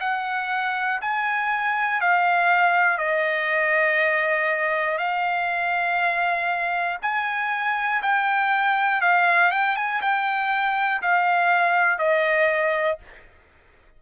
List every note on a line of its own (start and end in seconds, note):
0.00 1.00 F#5
1.01 2.01 G#5
2.01 2.98 F5
2.98 4.98 D#5
4.98 6.98 F5
7.02 8.02 G#5
8.03 9.01 G5
9.01 9.51 F5
9.51 9.76 G5
9.76 10.01 G#5
10.01 11.01 G5
11.02 11.99 F5
11.99 12.99 D#5